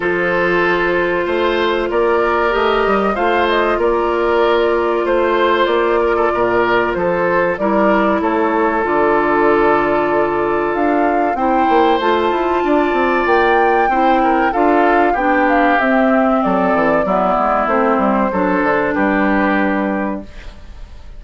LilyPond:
<<
  \new Staff \with { instrumentName = "flute" } { \time 4/4 \tempo 4 = 95 c''2. d''4 | dis''4 f''8 dis''8 d''2 | c''4 d''2 c''4 | d''4 cis''4 d''2~ |
d''4 f''4 g''4 a''4~ | a''4 g''2 f''4 | g''8 f''8 e''4 d''2 | c''2 b'2 | }
  \new Staff \with { instrumentName = "oboe" } { \time 4/4 a'2 c''4 ais'4~ | ais'4 c''4 ais'2 | c''4. ais'16 a'16 ais'4 a'4 | ais'4 a'2.~ |
a'2 c''2 | d''2 c''8 ais'8 a'4 | g'2 a'4 e'4~ | e'4 a'4 g'2 | }
  \new Staff \with { instrumentName = "clarinet" } { \time 4/4 f'1 | g'4 f'2.~ | f'1 | e'2 f'2~ |
f'2 e'4 f'4~ | f'2 e'4 f'4 | d'4 c'2 b4 | c'4 d'2. | }
  \new Staff \with { instrumentName = "bassoon" } { \time 4/4 f2 a4 ais4 | a8 g8 a4 ais2 | a4 ais4 ais,4 f4 | g4 a4 d2~ |
d4 d'4 c'8 ais8 a8 e'8 | d'8 c'8 ais4 c'4 d'4 | b4 c'4 fis8 e8 fis8 gis8 | a8 g8 fis8 d8 g2 | }
>>